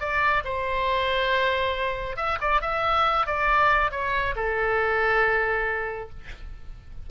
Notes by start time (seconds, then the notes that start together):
0.00 D5
0.44 C5
2.17 E5
2.41 D5
2.61 E5
3.26 D5
3.91 C#5
4.36 A4